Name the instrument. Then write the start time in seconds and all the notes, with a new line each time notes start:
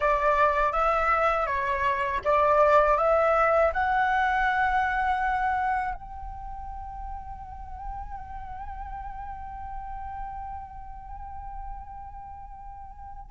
flute
0.00 D5
0.72 E5
1.46 C#5
2.24 D5
2.97 E5
3.73 F#5
5.94 G5